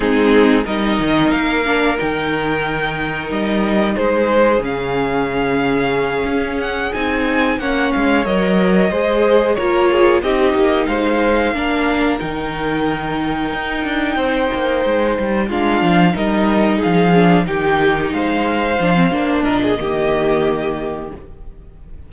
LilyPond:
<<
  \new Staff \with { instrumentName = "violin" } { \time 4/4 \tempo 4 = 91 gis'4 dis''4 f''4 g''4~ | g''4 dis''4 c''4 f''4~ | f''2 fis''8 gis''4 fis''8 | f''8 dis''2 cis''4 dis''8~ |
dis''8 f''2 g''4.~ | g''2.~ g''8 f''8~ | f''8 dis''4 f''4 g''4 f''8~ | f''4. dis''2~ dis''8 | }
  \new Staff \with { instrumentName = "violin" } { \time 4/4 dis'4 ais'2.~ | ais'2 gis'2~ | gis'2.~ gis'8 cis''8~ | cis''4. c''4 ais'8 gis'8 g'8~ |
g'8 c''4 ais'2~ ais'8~ | ais'4. c''2 f'8~ | f'8 ais'4 gis'4 g'4 c''8~ | c''4. ais'16 gis'16 g'2 | }
  \new Staff \with { instrumentName = "viola" } { \time 4/4 c'4 dis'4. d'8 dis'4~ | dis'2. cis'4~ | cis'2~ cis'8 dis'4 cis'8~ | cis'8 ais'4 gis'4 f'4 dis'8~ |
dis'4. d'4 dis'4.~ | dis'2.~ dis'8 d'8~ | d'8 dis'4. d'8 dis'4.~ | dis'8 d'16 c'16 d'4 ais2 | }
  \new Staff \with { instrumentName = "cello" } { \time 4/4 gis4 g8 dis8 ais4 dis4~ | dis4 g4 gis4 cis4~ | cis4. cis'4 c'4 ais8 | gis8 fis4 gis4 ais4 c'8 |
ais8 gis4 ais4 dis4.~ | dis8 dis'8 d'8 c'8 ais8 gis8 g8 gis8 | f8 g4 f4 dis4 gis8~ | gis8 f8 ais8 ais,8 dis2 | }
>>